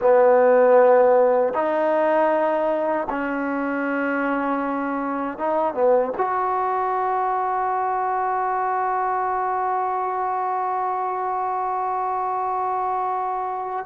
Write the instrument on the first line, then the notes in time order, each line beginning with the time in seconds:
trombone
0.01 B3
1.53 D#4
3.09 C#4
5.38 D#4
5.74 B3
6.17 F#4